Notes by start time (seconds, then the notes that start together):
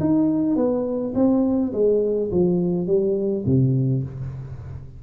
0.00 D#4
0.56 B3
1.15 C4
1.72 G#3
2.31 F3
2.87 G3
3.45 C3